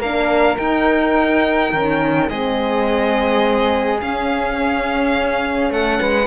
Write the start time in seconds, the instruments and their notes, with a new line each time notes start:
0.00 cello A#3, horn D4, flute A#4, violin F5
0.57 horn D#4, cello D#4, violin G5
1.73 cello D#3, horn C#4
2.28 cello G#3, horn C4, flute G#4, violin D#5
4.01 cello C#4, horn C#4, violin F5
5.70 cello A3, flute A4, violin F#5
6.01 cello G#3, flute B4